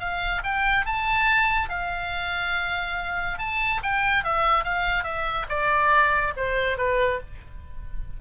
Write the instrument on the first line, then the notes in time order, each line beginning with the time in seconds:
oboe
0.00 F5
0.44 G5
0.86 A5
1.69 F5
3.39 A5
3.83 G5
4.24 E5
4.64 F5
5.04 E5
5.49 D5
6.36 C5
6.78 B4